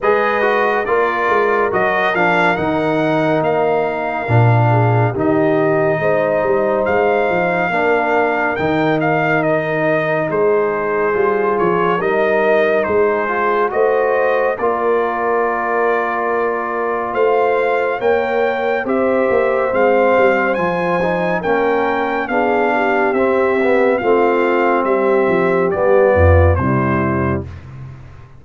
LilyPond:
<<
  \new Staff \with { instrumentName = "trumpet" } { \time 4/4 \tempo 4 = 70 dis''4 d''4 dis''8 f''8 fis''4 | f''2 dis''2 | f''2 g''8 f''8 dis''4 | c''4. cis''8 dis''4 c''4 |
dis''4 d''2. | f''4 g''4 e''4 f''4 | gis''4 g''4 f''4 e''4 | f''4 e''4 d''4 c''4 | }
  \new Staff \with { instrumentName = "horn" } { \time 4/4 b'4 ais'2.~ | ais'4. gis'8 g'4 c''4~ | c''4 ais'2. | gis'2 ais'4 gis'4 |
c''4 ais'2. | c''4 cis''4 c''2~ | c''4 ais'4 gis'8 g'4. | f'4 g'4. f'8 e'4 | }
  \new Staff \with { instrumentName = "trombone" } { \time 4/4 gis'8 fis'8 f'4 fis'8 d'8 dis'4~ | dis'4 d'4 dis'2~ | dis'4 d'4 dis'2~ | dis'4 f'4 dis'4. f'8 |
fis'4 f'2.~ | f'4 ais'4 g'4 c'4 | f'8 dis'8 cis'4 d'4 c'8 b8 | c'2 b4 g4 | }
  \new Staff \with { instrumentName = "tuba" } { \time 4/4 gis4 ais8 gis8 fis8 f8 dis4 | ais4 ais,4 dis4 gis8 g8 | gis8 f8 ais4 dis2 | gis4 g8 f8 g4 gis4 |
a4 ais2. | a4 ais4 c'8 ais8 gis8 g8 | f4 ais4 b4 c'4 | a4 g8 f8 g8 f,8 c4 | }
>>